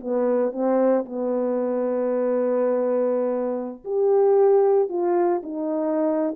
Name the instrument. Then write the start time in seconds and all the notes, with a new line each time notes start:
horn
0.00 B3
0.52 C4
1.05 B3
3.84 G4
4.88 F4
5.43 D#4